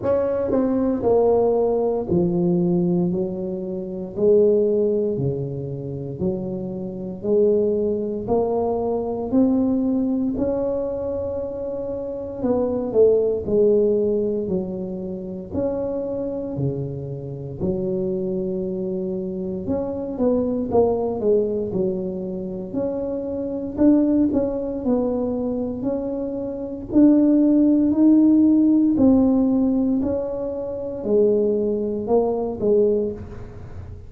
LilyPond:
\new Staff \with { instrumentName = "tuba" } { \time 4/4 \tempo 4 = 58 cis'8 c'8 ais4 f4 fis4 | gis4 cis4 fis4 gis4 | ais4 c'4 cis'2 | b8 a8 gis4 fis4 cis'4 |
cis4 fis2 cis'8 b8 | ais8 gis8 fis4 cis'4 d'8 cis'8 | b4 cis'4 d'4 dis'4 | c'4 cis'4 gis4 ais8 gis8 | }